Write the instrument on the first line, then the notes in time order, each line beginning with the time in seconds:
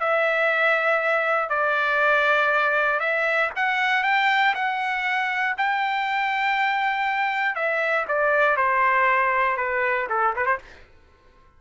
trumpet
0.00 E5
1.50 D5
3.00 E5
3.56 F#5
4.04 G5
4.55 F#5
5.58 G5
7.55 E5
8.08 D5
8.57 C5
9.57 B4
10.10 A4
10.36 B4
10.46 C5